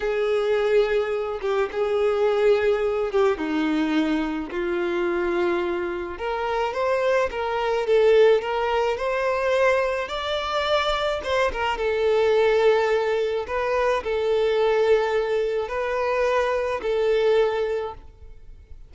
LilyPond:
\new Staff \with { instrumentName = "violin" } { \time 4/4 \tempo 4 = 107 gis'2~ gis'8 g'8 gis'4~ | gis'4. g'8 dis'2 | f'2. ais'4 | c''4 ais'4 a'4 ais'4 |
c''2 d''2 | c''8 ais'8 a'2. | b'4 a'2. | b'2 a'2 | }